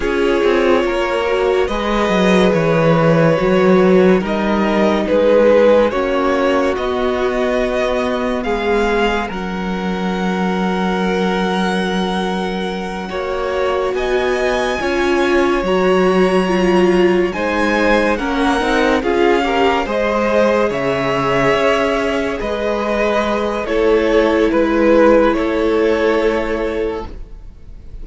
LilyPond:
<<
  \new Staff \with { instrumentName = "violin" } { \time 4/4 \tempo 4 = 71 cis''2 dis''4 cis''4~ | cis''4 dis''4 b'4 cis''4 | dis''2 f''4 fis''4~ | fis''1~ |
fis''8 gis''2 ais''4.~ | ais''8 gis''4 fis''4 f''4 dis''8~ | dis''8 e''2 dis''4. | cis''4 b'4 cis''2 | }
  \new Staff \with { instrumentName = "violin" } { \time 4/4 gis'4 ais'4 b'2~ | b'4 ais'4 gis'4 fis'4~ | fis'2 gis'4 ais'4~ | ais'2.~ ais'8 cis''8~ |
cis''8 dis''4 cis''2~ cis''8~ | cis''8 c''4 ais'4 gis'8 ais'8 c''8~ | c''8 cis''2 b'4. | a'4 b'4 a'2 | }
  \new Staff \with { instrumentName = "viola" } { \time 4/4 f'4. fis'8 gis'2 | fis'4 dis'2 cis'4 | b2. cis'4~ | cis'2.~ cis'8 fis'8~ |
fis'4. f'4 fis'4 f'8~ | f'8 dis'4 cis'8 dis'8 f'8 g'8 gis'8~ | gis'1 | e'1 | }
  \new Staff \with { instrumentName = "cello" } { \time 4/4 cis'8 c'8 ais4 gis8 fis8 e4 | fis4 g4 gis4 ais4 | b2 gis4 fis4~ | fis2.~ fis8 ais8~ |
ais8 b4 cis'4 fis4.~ | fis8 gis4 ais8 c'8 cis'4 gis8~ | gis8 cis4 cis'4 gis4. | a4 gis4 a2 | }
>>